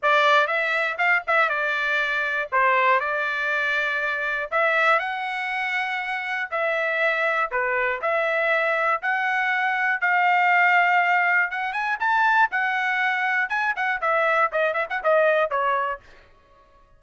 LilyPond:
\new Staff \with { instrumentName = "trumpet" } { \time 4/4 \tempo 4 = 120 d''4 e''4 f''8 e''8 d''4~ | d''4 c''4 d''2~ | d''4 e''4 fis''2~ | fis''4 e''2 b'4 |
e''2 fis''2 | f''2. fis''8 gis''8 | a''4 fis''2 gis''8 fis''8 | e''4 dis''8 e''16 fis''16 dis''4 cis''4 | }